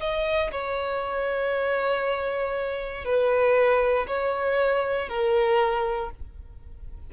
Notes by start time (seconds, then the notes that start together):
0.00 D#5
0.52 C#5
3.05 B4
4.07 C#5
5.09 A#4